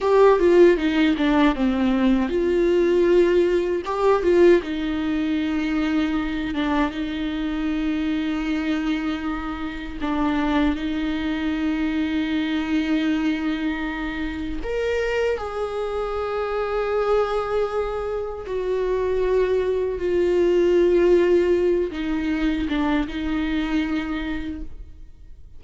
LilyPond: \new Staff \with { instrumentName = "viola" } { \time 4/4 \tempo 4 = 78 g'8 f'8 dis'8 d'8 c'4 f'4~ | f'4 g'8 f'8 dis'2~ | dis'8 d'8 dis'2.~ | dis'4 d'4 dis'2~ |
dis'2. ais'4 | gis'1 | fis'2 f'2~ | f'8 dis'4 d'8 dis'2 | }